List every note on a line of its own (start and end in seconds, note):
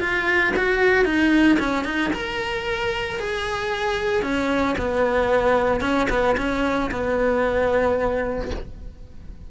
0.00 0.53 F4
0.56 1.05 F#4
1.05 1.58 D#4
1.59 1.84 C#4
1.84 2.11 D#4
2.13 3.20 A#4
3.20 4.23 G#4
4.23 4.76 C#4
4.78 5.81 B3
5.81 6.07 C#4
6.10 6.36 B3
6.37 6.91 C#4
6.91 8.51 B3